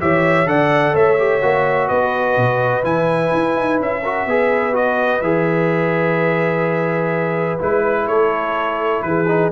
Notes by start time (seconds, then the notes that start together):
0.00 E3 G4 C#5 E5
0.46 D3 A4 D5 F#5
0.93 A3 C#5 E5
1.18 G4
1.42 A#3 F#4
1.87 B3 B4 D#5
2.36 B2
2.83 E3 E4 G#5
3.33 E4
3.56 D#4
3.79 C#4 E5
4.02 F#4 A#4
4.26 B3 G#4 B4
4.73 F#4 D#5
5.21 E3 G#4 E5
7.59 G#3 E4 B4
8.07 A3 A4 C#5
9.02 E3 G#4 B4
9.28 D#4